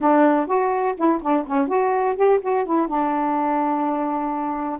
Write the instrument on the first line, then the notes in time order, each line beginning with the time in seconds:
saxophone
0.00 D4
0.46 F#4
0.97 E4
1.22 D4
1.46 C#4
1.68 F#4
2.16 G4
2.41 F#4
2.65 E4
2.87 D4